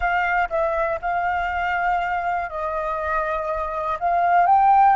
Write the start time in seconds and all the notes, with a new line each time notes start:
0.00 F5
0.49 E5
1.01 F5
2.49 D#5
3.99 F5
4.46 G5